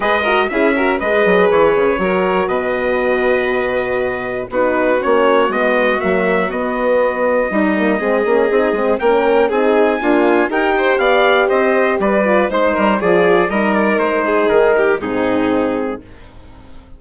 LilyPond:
<<
  \new Staff \with { instrumentName = "trumpet" } { \time 4/4 \tempo 4 = 120 dis''4 e''4 dis''4 cis''4~ | cis''4 dis''2.~ | dis''4 b'4 cis''4 dis''4 | e''4 dis''2.~ |
dis''2 g''4 gis''4~ | gis''4 g''4 f''4 dis''4 | d''4 c''4 d''4 dis''8 d''8 | c''4 ais'4 gis'2 | }
  \new Staff \with { instrumentName = "violin" } { \time 4/4 b'8 ais'8 gis'8 ais'8 b'2 | ais'4 b'2.~ | b'4 fis'2.~ | fis'2. dis'4 |
gis'2 ais'4 gis'4 | f'4 ais'8 c''8 d''4 c''4 | b'4 c''8 ais'8 gis'4 ais'4~ | ais'8 gis'4 g'8 dis'2 | }
  \new Staff \with { instrumentName = "horn" } { \time 4/4 gis'8 fis'8 e'8 fis'8 gis'2 | fis'1~ | fis'4 dis'4 cis'4 b4 | ais4 b2 dis'8 ais8 |
c'8 cis'8 dis'8 c'8 cis'4 dis'4 | ais4 g'2.~ | g'8 f'8 dis'4 f'4 dis'4~ | dis'2 c'2 | }
  \new Staff \with { instrumentName = "bassoon" } { \time 4/4 gis4 cis'4 gis8 fis8 e8 cis8 | fis4 b,2.~ | b,4 b4 ais4 gis4 | fis4 b2 g4 |
gis8 ais8 c'8 gis8 ais4 c'4 | d'4 dis'4 b4 c'4 | g4 gis8 g8 f4 g4 | gis4 dis4 gis,2 | }
>>